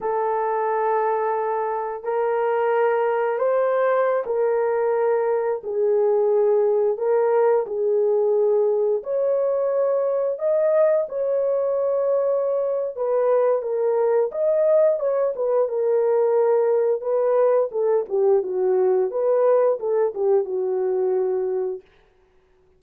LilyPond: \new Staff \with { instrumentName = "horn" } { \time 4/4 \tempo 4 = 88 a'2. ais'4~ | ais'4 c''4~ c''16 ais'4.~ ais'16~ | ais'16 gis'2 ais'4 gis'8.~ | gis'4~ gis'16 cis''2 dis''8.~ |
dis''16 cis''2~ cis''8. b'4 | ais'4 dis''4 cis''8 b'8 ais'4~ | ais'4 b'4 a'8 g'8 fis'4 | b'4 a'8 g'8 fis'2 | }